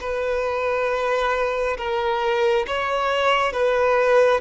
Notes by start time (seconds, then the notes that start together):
0.00 B4
1.77 A#4
2.67 C#5
3.52 B4